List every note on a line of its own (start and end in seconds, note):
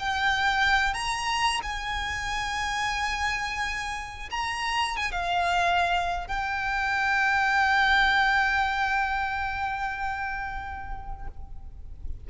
0.00 0.94 G5
0.94 1.61 A#5
1.63 4.30 G#5
4.31 4.97 A#5
4.97 5.12 G#5
5.12 6.28 F5
6.28 11.28 G5